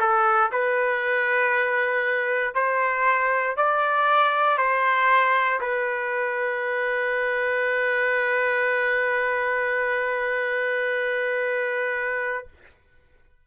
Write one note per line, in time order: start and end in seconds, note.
0.00 0.51 A4
0.52 2.55 B4
2.55 3.56 C5
3.57 4.58 D5
4.58 5.60 C5
5.61 12.47 B4